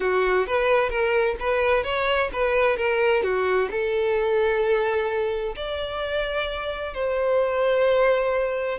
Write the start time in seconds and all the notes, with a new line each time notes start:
0.00 F#4
0.46 B4
0.89 A#4
1.39 B4
1.83 C#5
2.33 B4
2.76 A#4
3.22 F#4
3.70 A4
5.56 D5
6.94 C5